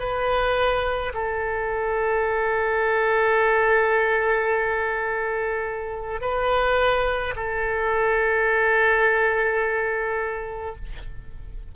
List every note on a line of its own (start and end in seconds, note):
0.00 1.13 B4
1.14 6.22 A4
6.22 7.35 B4
7.36 10.76 A4